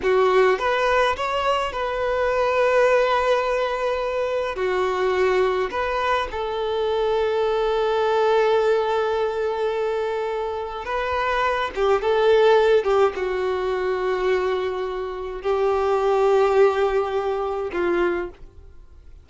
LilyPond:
\new Staff \with { instrumentName = "violin" } { \time 4/4 \tempo 4 = 105 fis'4 b'4 cis''4 b'4~ | b'1 | fis'2 b'4 a'4~ | a'1~ |
a'2. b'4~ | b'8 g'8 a'4. g'8 fis'4~ | fis'2. g'4~ | g'2. f'4 | }